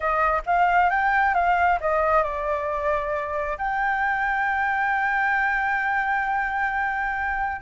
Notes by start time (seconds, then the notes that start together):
0.00 D#5
0.45 F5
0.90 G5
1.34 F5
1.80 D#5
2.23 D5
3.58 G5